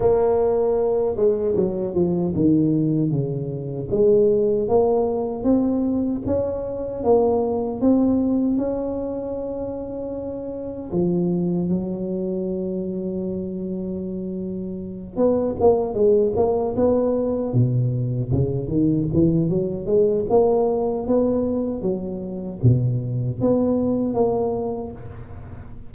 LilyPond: \new Staff \with { instrumentName = "tuba" } { \time 4/4 \tempo 4 = 77 ais4. gis8 fis8 f8 dis4 | cis4 gis4 ais4 c'4 | cis'4 ais4 c'4 cis'4~ | cis'2 f4 fis4~ |
fis2.~ fis8 b8 | ais8 gis8 ais8 b4 b,4 cis8 | dis8 e8 fis8 gis8 ais4 b4 | fis4 b,4 b4 ais4 | }